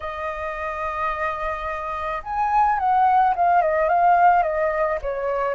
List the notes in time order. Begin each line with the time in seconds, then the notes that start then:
0.00 D#5
2.23 G#5
2.79 F#5
3.35 F5
3.61 D#5
3.88 F5
4.42 D#5
5.02 C#5